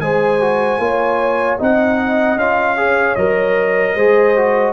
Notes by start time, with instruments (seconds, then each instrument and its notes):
0.00 tuba G#3, trombone G#4, horn C5, trumpet G#5
0.40 trombone F#4
0.78 tuba A#3, trombone F4, horn C#5
1.58 tuba C4, trombone D#4, horn D#5, trumpet F#5
2.36 tuba C#4, trombone F4, trumpet F5
2.77 trombone G#4, horn C#5
3.15 tuba F#3, trombone A#4, trumpet D#5
3.95 tuba G#3, trombone G#4, horn C5
4.36 trombone F#4